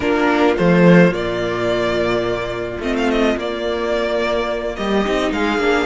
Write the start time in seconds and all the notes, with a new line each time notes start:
0.00 A#3 D4 F4 A#4
0.56 F3 A3 C5
1.08 A#2 A#3 D5
2.79 A3 C4 D#5
2.96 F5
3.10 D#5
3.36 A#3 D5
4.75 G3 G4 D#5
5.05 C4 D#4
5.31 G#3 G#4 F5
5.57 A#3 D4